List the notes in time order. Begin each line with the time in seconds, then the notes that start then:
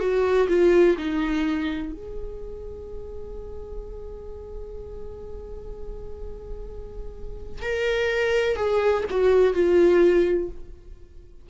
0.00 F#4
0.49 F4
0.98 D#4
1.93 G#4
7.62 A#4
8.57 G#4
9.11 F#4
9.54 F4